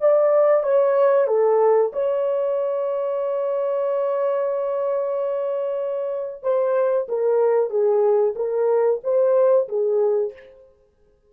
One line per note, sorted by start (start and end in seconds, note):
0.00 0.63 D5
0.63 1.27 C#5
1.27 1.91 A4
1.92 6.42 C#5
6.42 7.07 C5
7.08 7.69 A#4
7.69 8.34 G#4
8.35 9.00 A#4
9.03 9.68 C5
9.68 10.32 G#4